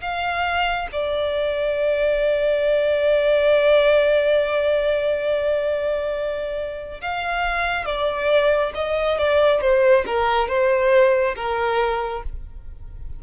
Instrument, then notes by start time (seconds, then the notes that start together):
violin
0.00 F5
0.92 D5
7.01 F5
7.85 D5
8.74 D#5
9.18 D5
9.61 C5
10.06 A#4
10.48 C5
11.36 A#4